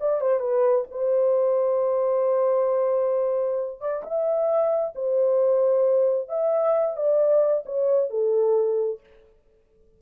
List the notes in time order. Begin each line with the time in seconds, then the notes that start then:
0.00 D5
0.21 C5
0.40 B4
0.90 C5
3.80 D5
4.03 E5
4.95 C5
6.29 E5
6.96 D5
7.65 C#5
8.10 A4